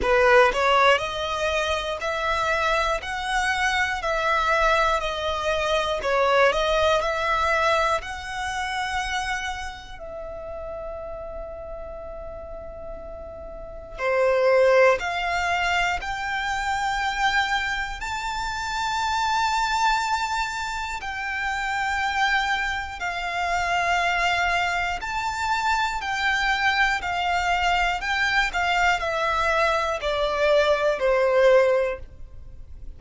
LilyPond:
\new Staff \with { instrumentName = "violin" } { \time 4/4 \tempo 4 = 60 b'8 cis''8 dis''4 e''4 fis''4 | e''4 dis''4 cis''8 dis''8 e''4 | fis''2 e''2~ | e''2 c''4 f''4 |
g''2 a''2~ | a''4 g''2 f''4~ | f''4 a''4 g''4 f''4 | g''8 f''8 e''4 d''4 c''4 | }